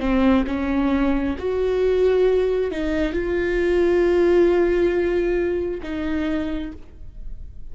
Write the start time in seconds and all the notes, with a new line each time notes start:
0.00 C4
0.47 C#4
1.39 F#4
2.71 D#4
3.13 F4
5.83 D#4